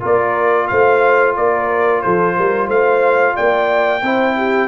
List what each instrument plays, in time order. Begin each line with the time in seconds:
0.00 tuba A#3, trombone F4, horn A#4, trumpet D5
0.67 tuba A3, horn C5, trumpet F5
1.36 tuba A#3, horn A#4, trumpet D5
2.01 tuba F3, horn A4, trumpet C5
2.37 tuba G3, horn A#4
2.67 tuba A3, horn C5, trumpet F5
3.35 tuba A#3, horn D5, trumpet G5
4.02 tuba C4, trombone E4, horn C5
4.36 horn G4